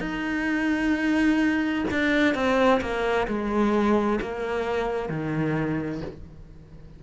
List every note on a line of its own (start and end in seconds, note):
0.00 1.85 D#4
1.90 2.34 D4
2.34 2.80 C4
2.81 3.27 A#3
3.27 4.19 G#3
4.21 5.09 A#3
5.09 6.01 D#3